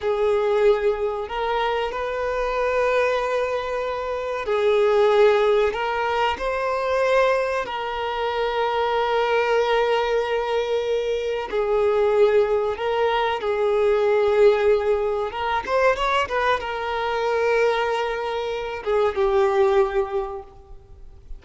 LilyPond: \new Staff \with { instrumentName = "violin" } { \time 4/4 \tempo 4 = 94 gis'2 ais'4 b'4~ | b'2. gis'4~ | gis'4 ais'4 c''2 | ais'1~ |
ais'2 gis'2 | ais'4 gis'2. | ais'8 c''8 cis''8 b'8 ais'2~ | ais'4. gis'8 g'2 | }